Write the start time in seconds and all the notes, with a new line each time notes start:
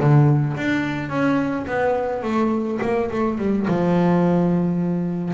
0.00 D3
0.57 D4
1.09 C#4
1.67 B3
2.23 A3
2.82 A#3
3.11 A3
3.38 G3
3.68 F3